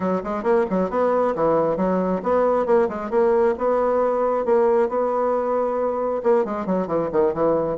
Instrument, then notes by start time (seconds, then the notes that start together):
bassoon
0.00 F#3
0.23 G#3
0.43 A#3
0.70 F#3
0.90 B3
1.35 E3
1.77 F#3
2.22 B3
2.66 A#3
2.88 G#3
3.10 A#3
3.58 B3
4.45 A#3
4.88 B3
6.23 A#3
6.44 G#3
6.65 F#3
6.87 E3
7.12 D#3
7.33 E3